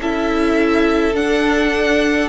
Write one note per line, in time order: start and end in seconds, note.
0.00 1.15 C#4
0.00 1.15 E4
0.00 2.29 A4
0.00 1.16 E5
1.15 2.29 D4
1.15 2.29 F#5